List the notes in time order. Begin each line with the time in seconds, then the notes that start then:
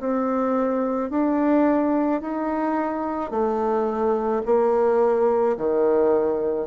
0.00 C4
1.11 D4
2.22 D#4
3.31 A3
4.46 A#3
5.58 D#3